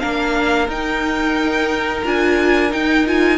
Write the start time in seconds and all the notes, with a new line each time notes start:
0.00 A#3 D4 A#4 F5
0.68 D#4 G5
2.05 D4 F4 G#5
2.70 D#4 G5
3.07 F4 G#5